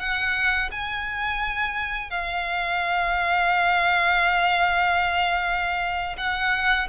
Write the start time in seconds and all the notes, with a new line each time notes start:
0.00 F#5
0.72 G#5
2.11 F5
6.18 F#5